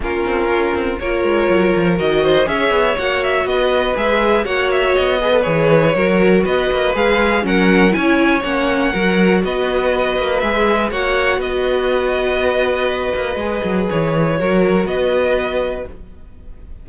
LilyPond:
<<
  \new Staff \with { instrumentName = "violin" } { \time 4/4 \tempo 4 = 121 ais'2 cis''2 | dis''4 e''4 fis''8 e''8 dis''4 | e''4 fis''8 e''8 dis''4 cis''4~ | cis''4 dis''4 f''4 fis''4 |
gis''4 fis''2 dis''4~ | dis''4 e''4 fis''4 dis''4~ | dis''1 | cis''2 dis''2 | }
  \new Staff \with { instrumentName = "violin" } { \time 4/4 f'2 ais'2~ | ais'8 c''8 cis''2 b'4~ | b'4 cis''4. b'4. | ais'4 b'2 ais'4 |
cis''2 ais'4 b'4~ | b'2 cis''4 b'4~ | b'1~ | b'4 ais'4 b'2 | }
  \new Staff \with { instrumentName = "viola" } { \time 4/4 cis'2 f'2 | fis'4 gis'4 fis'2 | gis'4 fis'4. gis'16 a'16 gis'4 | fis'2 gis'4 cis'4 |
e'4 cis'4 fis'2~ | fis'4 gis'4 fis'2~ | fis'2. gis'4~ | gis'4 fis'2. | }
  \new Staff \with { instrumentName = "cello" } { \time 4/4 ais8 c'8 cis'8 c'8 ais8 gis8 fis8 f8 | dis4 cis'8 b8 ais4 b4 | gis4 ais4 b4 e4 | fis4 b8 ais8 gis4 fis4 |
cis'4 ais4 fis4 b4~ | b8 ais8 gis4 ais4 b4~ | b2~ b8 ais8 gis8 fis8 | e4 fis4 b2 | }
>>